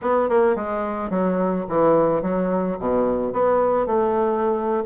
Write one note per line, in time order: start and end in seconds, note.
0.01 0.29 B3
0.29 0.55 A#3
0.55 1.10 G#3
1.10 1.65 F#3
1.68 2.22 E3
2.22 2.77 F#3
2.79 3.33 B2
3.33 3.86 B3
3.86 4.83 A3